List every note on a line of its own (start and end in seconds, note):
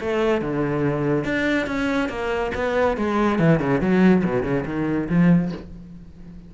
0.00 0.41 A3
0.41 1.24 D3
1.24 1.66 D4
1.66 2.09 C#4
2.09 2.51 A#3
2.54 2.97 B3
2.97 3.39 G#3
3.39 3.59 E3
3.59 3.80 C#3
3.80 4.23 F#3
4.24 4.43 B2
4.43 4.64 C#3
4.65 5.08 D#3
5.09 5.51 F3